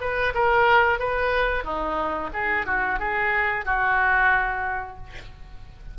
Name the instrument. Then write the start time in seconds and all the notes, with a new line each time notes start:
oboe
0.00 B4
0.34 A#4
0.99 B4
1.64 D#4
2.33 G#4
2.66 F#4
2.99 G#4
3.65 F#4